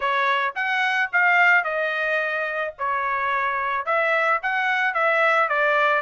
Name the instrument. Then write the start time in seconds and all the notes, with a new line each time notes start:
trumpet
0.00 C#5
0.55 F#5
1.12 F5
1.64 D#5
2.78 C#5
3.85 E5
4.42 F#5
4.94 E5
5.48 D5